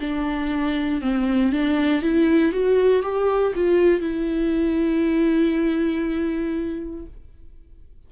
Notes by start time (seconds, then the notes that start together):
0.00 D4
1.02 C4
1.52 D4
2.02 E4
2.52 F#4
3.02 G4
3.55 F4
4.01 E4